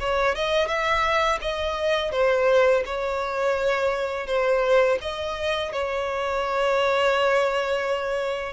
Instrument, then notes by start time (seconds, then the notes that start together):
violin
0.00 C#5
0.35 D#5
0.68 E5
1.42 D#5
2.12 C5
2.86 C#5
4.27 C5
5.02 D#5
5.72 C#5